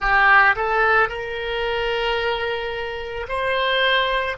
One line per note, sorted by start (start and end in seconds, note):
0.00 0.55 G4
0.55 1.09 A4
1.09 3.27 A#4
3.28 4.37 C5